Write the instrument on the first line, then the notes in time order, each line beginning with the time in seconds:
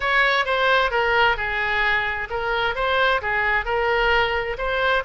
oboe
0.00 C#5
0.45 C5
0.91 A#4
1.36 G#4
2.30 A#4
2.75 C5
3.21 G#4
3.65 A#4
4.58 C5